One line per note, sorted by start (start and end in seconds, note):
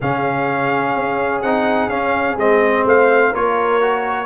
0.00 0.96 C#3
0.00 1.43 C#4
0.00 2.86 G#4
0.00 1.42 F5
0.96 1.42 C#4
1.42 1.88 C4
1.42 1.90 D#4
1.42 1.89 F#5
1.88 2.36 C#4
1.88 2.38 C#4
1.88 2.37 F5
2.36 2.84 G#3
2.36 3.33 C4
2.36 2.86 D#5
2.85 3.32 A3
2.85 3.32 C5
2.85 3.34 F5
3.32 4.25 A#3
3.32 3.81 F4
3.32 4.25 A#4
3.32 4.25 C#5
3.81 4.25 F#4